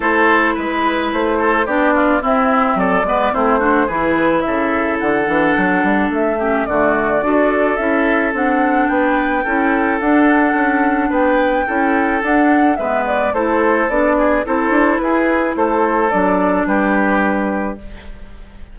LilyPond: <<
  \new Staff \with { instrumentName = "flute" } { \time 4/4 \tempo 4 = 108 c''4 b'4 c''4 d''4 | e''4 d''4 c''4 b'4 | e''4 fis''2 e''4 | d''2 e''4 fis''4 |
g''2 fis''2 | g''2 fis''4 e''8 d''8 | c''4 d''4 c''4 b'4 | c''4 d''4 b'2 | }
  \new Staff \with { instrumentName = "oboe" } { \time 4/4 a'4 b'4. a'8 g'8 f'8 | e'4 a'8 b'8 e'8 fis'8 gis'4 | a'2.~ a'8 g'8 | fis'4 a'2. |
b'4 a'2. | b'4 a'2 b'4 | a'4. gis'8 a'4 gis'4 | a'2 g'2 | }
  \new Staff \with { instrumentName = "clarinet" } { \time 4/4 e'2. d'4 | c'4. b8 c'8 d'8 e'4~ | e'4. d'2 cis'8 | a4 fis'4 e'4 d'4~ |
d'4 e'4 d'2~ | d'4 e'4 d'4 b4 | e'4 d'4 e'2~ | e'4 d'2. | }
  \new Staff \with { instrumentName = "bassoon" } { \time 4/4 a4 gis4 a4 b4 | c'4 fis8 gis8 a4 e4 | cis4 d8 e8 fis8 g8 a4 | d4 d'4 cis'4 c'4 |
b4 cis'4 d'4 cis'4 | b4 cis'4 d'4 gis4 | a4 b4 c'8 d'8 e'4 | a4 fis4 g2 | }
>>